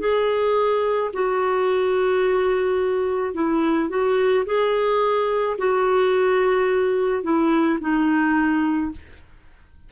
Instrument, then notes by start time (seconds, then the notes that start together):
clarinet
0.00 G#4
1.14 F#4
3.35 E4
3.90 F#4
4.46 G#4
5.59 F#4
7.24 E4
7.81 D#4